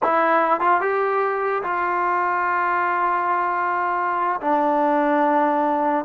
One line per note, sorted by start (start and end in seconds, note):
0.03 0.60 E4
0.60 0.80 F4
0.80 1.63 G4
1.63 4.40 F4
4.40 6.05 D4